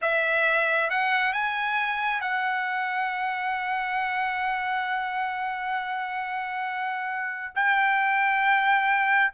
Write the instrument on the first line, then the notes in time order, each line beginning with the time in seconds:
trumpet
0.01 E5
0.89 F#5
1.33 G#5
2.20 F#5
7.55 G5